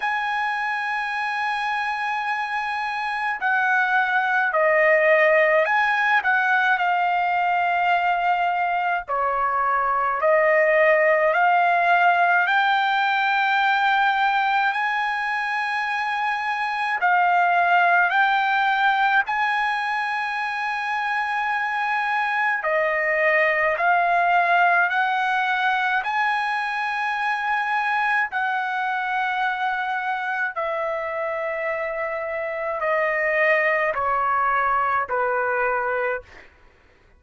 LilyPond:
\new Staff \with { instrumentName = "trumpet" } { \time 4/4 \tempo 4 = 53 gis''2. fis''4 | dis''4 gis''8 fis''8 f''2 | cis''4 dis''4 f''4 g''4~ | g''4 gis''2 f''4 |
g''4 gis''2. | dis''4 f''4 fis''4 gis''4~ | gis''4 fis''2 e''4~ | e''4 dis''4 cis''4 b'4 | }